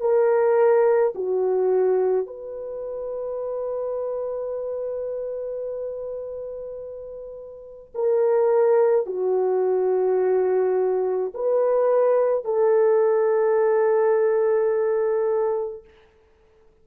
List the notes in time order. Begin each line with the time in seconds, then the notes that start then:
0.00 A#4
1.15 F#4
2.26 B4
7.95 A#4
9.06 F#4
11.34 B4
12.44 A4